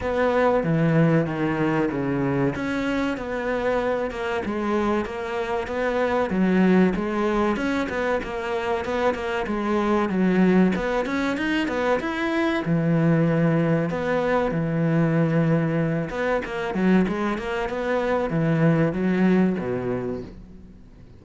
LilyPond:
\new Staff \with { instrumentName = "cello" } { \time 4/4 \tempo 4 = 95 b4 e4 dis4 cis4 | cis'4 b4. ais8 gis4 | ais4 b4 fis4 gis4 | cis'8 b8 ais4 b8 ais8 gis4 |
fis4 b8 cis'8 dis'8 b8 e'4 | e2 b4 e4~ | e4. b8 ais8 fis8 gis8 ais8 | b4 e4 fis4 b,4 | }